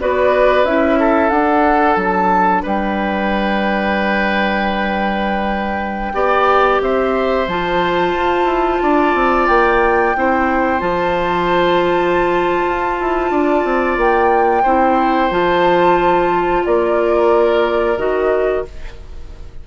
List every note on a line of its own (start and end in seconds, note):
0.00 0.64 B3
0.00 0.66 F#4
0.00 0.99 B4
0.00 0.65 D5
0.64 1.31 C#4
0.64 1.32 E4
0.64 1.30 E5
0.99 2.63 A4
1.30 1.96 D4
1.30 6.14 D4
1.30 1.96 F#5
1.96 2.63 F#3
1.96 2.64 A5
2.63 6.13 G3
2.63 6.13 B4
2.63 6.82 G5
6.13 6.80 B3
6.13 7.47 G4
6.13 6.81 D5
6.81 7.47 C4
6.81 8.83 C5
6.81 7.48 E5
7.47 8.14 F3
7.47 10.16 F4
7.47 9.47 A5
8.14 8.44 F4
8.44 8.78 E4
8.82 9.14 D4
8.82 10.16 D5
9.14 9.48 C4
9.47 10.15 A#3
9.47 10.80 G5
10.16 10.81 C4
10.16 10.79 E4
10.16 13.32 C5
10.79 12.64 F3
10.79 14.63 F4
10.79 13.97 A5
12.67 13.00 F4
13.00 13.31 E4
13.31 13.64 D4
13.31 14.63 D5
13.64 13.97 C4
13.97 14.64 A#3
13.97 15.32 G5
14.63 15.31 C4
14.63 15.30 E4
14.63 16.63 C5
15.30 16.64 F3
15.30 17.97 F4
15.30 16.65 A5
16.65 17.97 A#3
16.65 18.67 A#4
16.65 17.98 D5
17.97 18.64 D#3
17.97 18.65 F#4
17.97 18.64 D#5